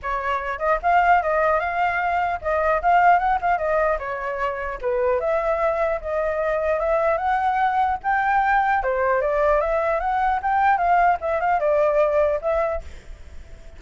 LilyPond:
\new Staff \with { instrumentName = "flute" } { \time 4/4 \tempo 4 = 150 cis''4. dis''8 f''4 dis''4 | f''2 dis''4 f''4 | fis''8 f''8 dis''4 cis''2 | b'4 e''2 dis''4~ |
dis''4 e''4 fis''2 | g''2 c''4 d''4 | e''4 fis''4 g''4 f''4 | e''8 f''8 d''2 e''4 | }